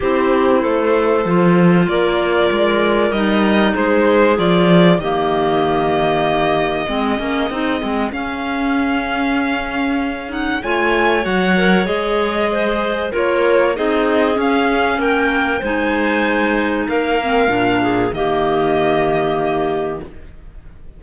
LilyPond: <<
  \new Staff \with { instrumentName = "violin" } { \time 4/4 \tempo 4 = 96 c''2. d''4~ | d''4 dis''4 c''4 d''4 | dis''1~ | dis''4 f''2.~ |
f''8 fis''8 gis''4 fis''4 dis''4~ | dis''4 cis''4 dis''4 f''4 | g''4 gis''2 f''4~ | f''4 dis''2. | }
  \new Staff \with { instrumentName = "clarinet" } { \time 4/4 g'4 a'2 ais'4~ | ais'2 gis'2 | g'2. gis'4~ | gis'1~ |
gis'4 cis''2. | c''4 ais'4 gis'2 | ais'4 c''2 ais'4~ | ais'8 gis'8 g'2. | }
  \new Staff \with { instrumentName = "clarinet" } { \time 4/4 e'2 f'2~ | f'4 dis'2 f'4 | ais2. c'8 cis'8 | dis'8 c'8 cis'2.~ |
cis'8 dis'8 f'4 fis'8 ais'8 gis'4~ | gis'4 f'4 dis'4 cis'4~ | cis'4 dis'2~ dis'8 c'8 | d'4 ais2. | }
  \new Staff \with { instrumentName = "cello" } { \time 4/4 c'4 a4 f4 ais4 | gis4 g4 gis4 f4 | dis2. gis8 ais8 | c'8 gis8 cis'2.~ |
cis'4 a4 fis4 gis4~ | gis4 ais4 c'4 cis'4 | ais4 gis2 ais4 | ais,4 dis2. | }
>>